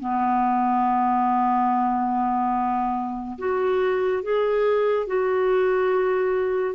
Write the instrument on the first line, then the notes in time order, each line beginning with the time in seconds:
clarinet
0.00 B3
3.39 F#4
4.23 G#4
5.07 F#4